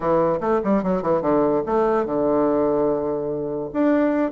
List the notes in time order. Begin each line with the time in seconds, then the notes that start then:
0.00 E3
0.40 A3
0.64 G3
0.83 F#3
1.02 E3
1.21 D3
1.66 A3
2.05 D3
3.73 D4